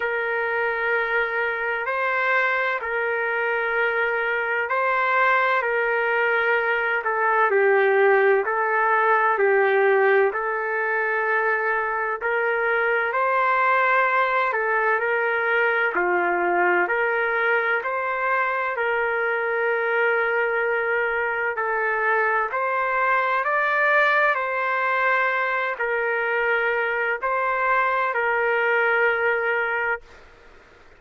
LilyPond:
\new Staff \with { instrumentName = "trumpet" } { \time 4/4 \tempo 4 = 64 ais'2 c''4 ais'4~ | ais'4 c''4 ais'4. a'8 | g'4 a'4 g'4 a'4~ | a'4 ais'4 c''4. a'8 |
ais'4 f'4 ais'4 c''4 | ais'2. a'4 | c''4 d''4 c''4. ais'8~ | ais'4 c''4 ais'2 | }